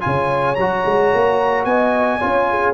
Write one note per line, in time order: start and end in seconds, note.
0.00 0.57 C#3
0.00 0.55 F4
0.00 1.68 C#5
0.00 0.55 G#5
0.55 0.84 F#3
0.55 2.20 F#4
0.55 1.64 A#5
0.85 1.12 G#3
1.14 1.65 A#3
1.64 2.19 B3
1.64 2.19 D#5
1.64 2.73 G#5
2.19 2.74 C#4
2.19 2.74 F4
2.19 2.46 C#5
2.50 2.74 G#4